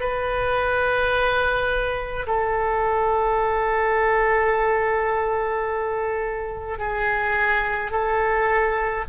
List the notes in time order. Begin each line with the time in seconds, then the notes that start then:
0.00 B4
2.27 A4
6.79 G#4
7.91 A4